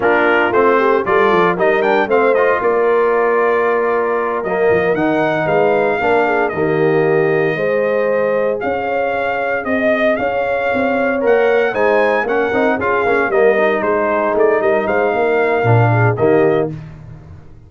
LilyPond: <<
  \new Staff \with { instrumentName = "trumpet" } { \time 4/4 \tempo 4 = 115 ais'4 c''4 d''4 dis''8 g''8 | f''8 dis''8 d''2.~ | d''8 dis''4 fis''4 f''4.~ | f''8 dis''2.~ dis''8~ |
dis''8 f''2 dis''4 f''8~ | f''4. fis''4 gis''4 fis''8~ | fis''8 f''4 dis''4 c''4 d''8 | dis''8 f''2~ f''8 dis''4 | }
  \new Staff \with { instrumentName = "horn" } { \time 4/4 f'4. g'8 a'4 ais'4 | c''4 ais'2.~ | ais'2~ ais'8 b'4 ais'8 | gis'8 g'2 c''4.~ |
c''8 cis''2 dis''4 cis''8~ | cis''2~ cis''8 c''4 ais'8~ | ais'8 gis'4 ais'4 gis'4. | ais'8 c''8 ais'4. gis'8 g'4 | }
  \new Staff \with { instrumentName = "trombone" } { \time 4/4 d'4 c'4 f'4 dis'8 d'8 | c'8 f'2.~ f'8~ | f'8 ais4 dis'2 d'8~ | d'8 ais2 gis'4.~ |
gis'1~ | gis'4. ais'4 dis'4 cis'8 | dis'8 f'8 cis'8 ais8 dis'2~ | dis'2 d'4 ais4 | }
  \new Staff \with { instrumentName = "tuba" } { \time 4/4 ais4 a4 g8 f8 g4 | a4 ais2.~ | ais8 fis8 f8 dis4 gis4 ais8~ | ais8 dis2 gis4.~ |
gis8 cis'2 c'4 cis'8~ | cis'8 c'4 ais4 gis4 ais8 | c'8 cis'8 ais8 g4 gis4 a8 | g8 gis8 ais4 ais,4 dis4 | }
>>